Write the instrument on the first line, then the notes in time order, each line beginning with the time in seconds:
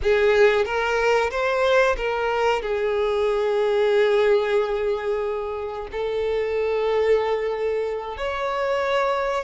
violin
0.02 G#4
0.65 A#4
1.30 C5
1.96 A#4
2.61 G#4
5.91 A4
8.17 C#5